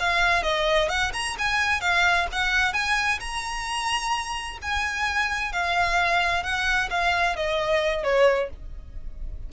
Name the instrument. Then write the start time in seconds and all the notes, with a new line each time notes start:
violin
0.00 F5
0.43 D#5
0.89 F#5
1.13 A#5
1.38 G#5
1.81 F5
2.32 F#5
2.73 G#5
3.20 A#5
4.62 G#5
5.53 F5
6.43 F#5
6.90 F5
7.36 D#5
8.04 C#5